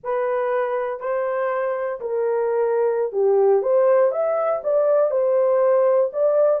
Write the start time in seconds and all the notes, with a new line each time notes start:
0.03 B4
1.00 C5
2.00 A#4
3.12 G4
3.62 C5
4.11 E5
4.63 D5
5.10 C5
6.12 D5